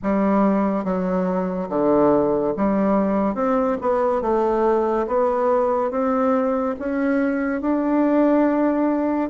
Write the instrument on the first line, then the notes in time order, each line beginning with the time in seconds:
bassoon
0.02 G3
0.84 F#3
1.69 D3
2.57 G3
3.35 C4
3.81 B3
4.21 A3
5.07 B3
5.90 C4
6.79 C#4
7.61 D4